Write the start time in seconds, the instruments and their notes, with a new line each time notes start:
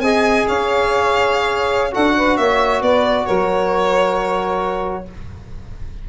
0.00 tuba C4, trombone G#4, saxophone D#5, violin G#5
0.47 tuba C#4, saxophone C#5, violin F5
1.92 tuba D4, trombone F#4, saxophone A4, violin F#5
2.17 saxophone B4
2.37 tuba A#3, saxophone C#5, violin E5
2.82 tuba B3, saxophone B4, violin D5
3.26 tuba F#3, saxophone A#4, violin C#5